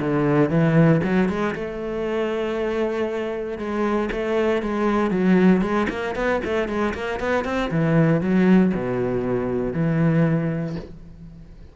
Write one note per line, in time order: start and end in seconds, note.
0.00 0.50 D3
0.50 1.01 E3
1.04 1.29 F#3
1.29 1.55 G#3
1.55 3.59 A3
3.59 4.10 G#3
4.12 4.62 A3
4.62 5.11 G#3
5.11 5.62 F#3
5.62 5.87 G#3
5.90 6.15 A#3
6.16 6.41 B3
6.45 6.69 A3
6.69 6.94 G#3
6.94 7.20 A#3
7.20 7.45 B3
7.45 7.70 C4
7.71 8.21 E3
8.21 8.73 F#3
8.75 9.73 B2
9.73 10.76 E3